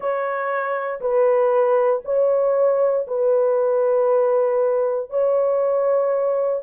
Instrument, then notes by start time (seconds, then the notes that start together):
horn
0.00 C#5
1.00 B4
2.04 C#5
3.07 B4
5.09 C#5